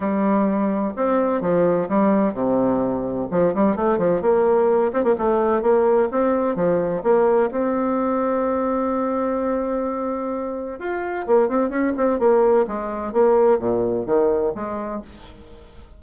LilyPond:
\new Staff \with { instrumentName = "bassoon" } { \time 4/4 \tempo 4 = 128 g2 c'4 f4 | g4 c2 f8 g8 | a8 f8 ais4. c'16 ais16 a4 | ais4 c'4 f4 ais4 |
c'1~ | c'2. f'4 | ais8 c'8 cis'8 c'8 ais4 gis4 | ais4 ais,4 dis4 gis4 | }